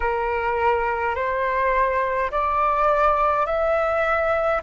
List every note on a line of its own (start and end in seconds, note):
0.00 1.15 A#4
1.15 2.30 C5
2.31 3.46 D5
3.46 4.61 E5